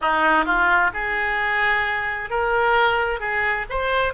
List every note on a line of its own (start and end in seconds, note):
0.01 0.45 D#4
0.45 0.90 F4
0.93 2.30 G#4
2.30 3.20 A#4
3.20 3.65 G#4
3.69 4.13 C5